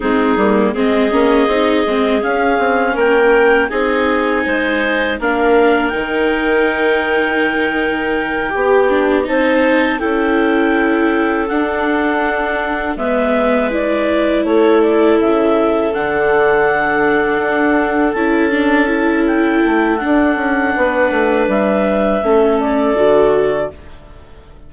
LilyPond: <<
  \new Staff \with { instrumentName = "clarinet" } { \time 4/4 \tempo 4 = 81 gis'4 dis''2 f''4 | g''4 gis''2 f''4 | g''1~ | g''8 a''4 g''2 fis''8~ |
fis''4. e''4 d''4 cis''8 | d''8 e''4 fis''2~ fis''8~ | fis''8 a''4. g''4 fis''4~ | fis''4 e''4. d''4. | }
  \new Staff \with { instrumentName = "clarinet" } { \time 4/4 dis'4 gis'2. | ais'4 gis'4 c''4 ais'4~ | ais'2.~ ais'8 g'8~ | g'8 c''4 a'2~ a'8~ |
a'4. b'2 a'8~ | a'1~ | a'1 | b'2 a'2 | }
  \new Staff \with { instrumentName = "viola" } { \time 4/4 c'8 ais8 c'8 cis'8 dis'8 c'8 cis'4~ | cis'4 dis'2 d'4 | dis'2.~ dis'8 g'8 | d'8 dis'4 e'2 d'8~ |
d'4. b4 e'4.~ | e'4. d'2~ d'8~ | d'8 e'8 d'8 e'4. d'4~ | d'2 cis'4 fis'4 | }
  \new Staff \with { instrumentName = "bassoon" } { \time 4/4 gis8 g8 gis8 ais8 c'8 gis8 cis'8 c'8 | ais4 c'4 gis4 ais4 | dis2.~ dis8 b8~ | b8 c'4 cis'2 d'8~ |
d'4. gis2 a8~ | a8 cis4 d2 d'8~ | d'8 cis'2 a8 d'8 cis'8 | b8 a8 g4 a4 d4 | }
>>